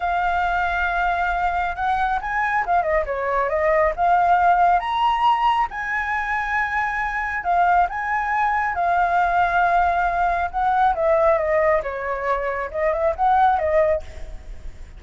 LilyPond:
\new Staff \with { instrumentName = "flute" } { \time 4/4 \tempo 4 = 137 f''1 | fis''4 gis''4 f''8 dis''8 cis''4 | dis''4 f''2 ais''4~ | ais''4 gis''2.~ |
gis''4 f''4 gis''2 | f''1 | fis''4 e''4 dis''4 cis''4~ | cis''4 dis''8 e''8 fis''4 dis''4 | }